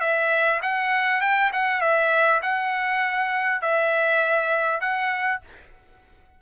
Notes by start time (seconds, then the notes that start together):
0.00 E5
0.62 F#5
1.21 G5
1.52 F#5
1.81 E5
2.42 F#5
3.61 E5
4.80 F#5